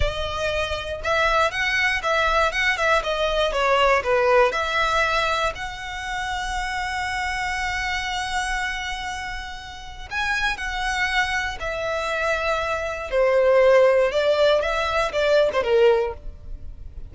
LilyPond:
\new Staff \with { instrumentName = "violin" } { \time 4/4 \tempo 4 = 119 dis''2 e''4 fis''4 | e''4 fis''8 e''8 dis''4 cis''4 | b'4 e''2 fis''4~ | fis''1~ |
fis''1 | gis''4 fis''2 e''4~ | e''2 c''2 | d''4 e''4 d''8. c''16 ais'4 | }